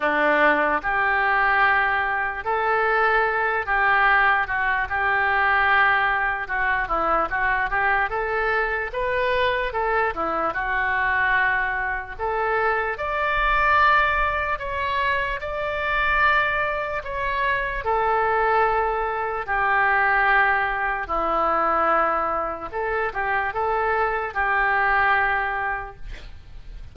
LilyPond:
\new Staff \with { instrumentName = "oboe" } { \time 4/4 \tempo 4 = 74 d'4 g'2 a'4~ | a'8 g'4 fis'8 g'2 | fis'8 e'8 fis'8 g'8 a'4 b'4 | a'8 e'8 fis'2 a'4 |
d''2 cis''4 d''4~ | d''4 cis''4 a'2 | g'2 e'2 | a'8 g'8 a'4 g'2 | }